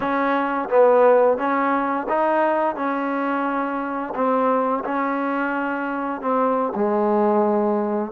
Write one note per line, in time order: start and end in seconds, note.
0.00 0.68 C#4
0.69 1.37 B3
1.37 2.06 C#4
2.08 2.75 D#4
2.75 4.13 C#4
4.14 4.83 C4
4.84 6.21 C#4
6.21 6.72 C4
6.75 8.11 G#3